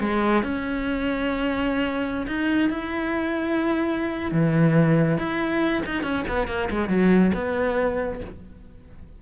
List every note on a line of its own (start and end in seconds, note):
0.00 0.43 G#3
0.43 2.27 C#4
2.27 2.70 D#4
2.70 4.32 E4
4.32 5.18 E3
5.18 5.83 E4
5.86 6.03 D#4
6.03 6.25 C#4
6.29 6.48 B3
6.48 6.69 A#3
6.70 6.89 G#3
6.89 7.32 F#3
7.34 8.21 B3